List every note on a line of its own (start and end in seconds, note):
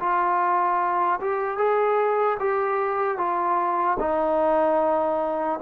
0.00 1.20 F4
1.21 1.57 G4
1.57 2.37 G#4
2.40 3.18 G4
3.18 3.98 F4
4.00 5.60 D#4